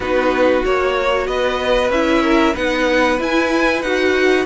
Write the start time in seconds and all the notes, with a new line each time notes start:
0.00 B3 D#4 F#4 B4
0.64 A#3 F#4 C#5
1.27 B3 B4 D#5
1.89 C#4 E4 E5
2.22 A#4
2.53 B3 D#4 B4 F#5
3.18 E4 G#5
3.82 D#4 F#4 F#5